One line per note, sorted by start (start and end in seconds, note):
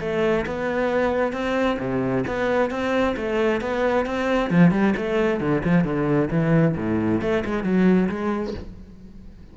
0.00 0.45 A3
0.46 1.33 B3
1.33 1.78 C4
1.79 2.24 C3
2.27 2.70 B3
2.70 3.16 C4
3.16 3.61 A3
3.61 4.06 B3
4.06 4.50 C4
4.50 4.71 F3
4.71 4.94 G3
4.96 5.40 A3
5.40 5.62 D3
5.64 5.84 F3
5.84 6.29 D3
6.30 6.75 E3
6.76 7.21 A2
7.21 7.44 A3
7.45 7.63 G#3
7.63 8.09 F#3
8.09 8.54 G#3